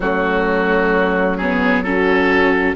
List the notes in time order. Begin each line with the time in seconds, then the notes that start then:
0.00 F#3 A3 C#4 F#4
1.37 B3 G#4
1.83 C#4 F#4 A4